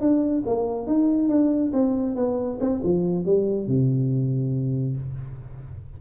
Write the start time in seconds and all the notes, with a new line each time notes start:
0.00 D4
0.46 A#3
0.87 D#4
1.29 D4
1.72 C4
2.15 B3
2.60 C4
2.84 F3
3.25 G3
3.67 C3